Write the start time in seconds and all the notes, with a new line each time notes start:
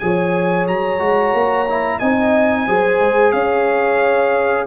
0.00 F3 G#4 C#5 G#5
0.68 F#3 A#5
0.99 G#3 F#4
1.34 A#3
1.69 E4
1.99 C4 D#4 D#5 G#5
2.67 F#3 G#4 C5
3.00 G#3
3.32 C#4 C#5 F5